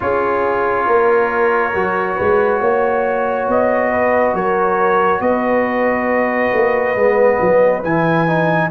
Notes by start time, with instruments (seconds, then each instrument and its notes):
0.00 tuba C#4, trombone F4, horn G#4, trumpet C#5
0.86 tuba A#3, horn A#4
1.74 tuba F#3, trombone F#4
2.16 tuba G#3, horn B4
2.60 tuba A#3, horn C#5
3.48 tuba B3, trumpet D#5
3.90 horn B4
4.33 tuba F#3, horn A#4, trumpet C#5
5.20 tuba B3, horn B4, trumpet D#5
6.53 tuba A#3
6.95 tuba G#3, trombone B3
7.40 tuba F#3
7.83 tuba E3, trombone E4, trumpet G#5
8.27 trombone D#4